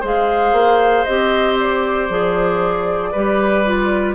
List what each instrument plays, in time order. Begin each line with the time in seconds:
0.00 bassoon G#3, clarinet G#4, oboe C5
0.06 flute F5
0.52 bassoon A#3
1.04 bassoon C4, clarinet G4, flute D#5
1.59 flute D5
2.09 bassoon F3, clarinet G#4
3.12 bassoon G3, clarinet G4, oboe B4
3.65 clarinet F4